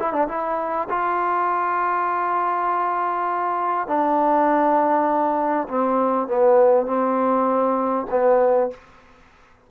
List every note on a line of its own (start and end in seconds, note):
0.00 0.13 E4
0.13 0.28 D4
0.28 0.88 E4
0.90 3.88 F4
3.88 5.68 D4
5.69 6.28 C4
6.28 6.87 B3
6.87 8.07 C4
8.11 8.71 B3